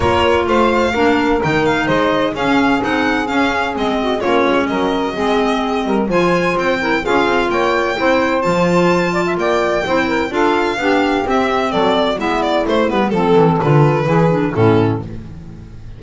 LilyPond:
<<
  \new Staff \with { instrumentName = "violin" } { \time 4/4 \tempo 4 = 128 cis''4 f''2 g''8 f''8 | dis''4 f''4 fis''4 f''4 | dis''4 cis''4 dis''2~ | dis''4 gis''4 g''4 f''4 |
g''2 a''2 | g''2 f''2 | e''4 d''4 e''8 d''8 c''8 b'8 | a'4 b'2 a'4 | }
  \new Staff \with { instrumentName = "saxophone" } { \time 4/4 ais'4 c''4 ais'2 | c''4 gis'2.~ | gis'8 fis'8 f'4 ais'4 gis'4~ | gis'8 ais'8 c''4. ais'8 gis'4 |
cis''4 c''2~ c''8 d''16 e''16 | d''4 c''8 ais'8 a'4 g'4~ | g'4 a'4 e'2 | a'2 gis'4 e'4 | }
  \new Staff \with { instrumentName = "clarinet" } { \time 4/4 f'2 d'4 dis'4~ | dis'4 cis'4 dis'4 cis'4 | c'4 cis'2 c'4~ | c'4 f'4. e'8 f'4~ |
f'4 e'4 f'2~ | f'4 e'4 f'4 d'4 | c'2 b4 a8 b8 | c'4 f'4 e'8 d'8 cis'4 | }
  \new Staff \with { instrumentName = "double bass" } { \time 4/4 ais4 a4 ais4 dis4 | gis4 cis'4 c'4 cis'4 | gis4 ais8 gis8 fis4 gis4~ | gis8 g8 f4 c'4 cis'8 c'8 |
ais4 c'4 f2 | ais4 c'4 d'4 b4 | c'4 fis4 gis4 a8 g8 | f8 e8 d4 e4 a,4 | }
>>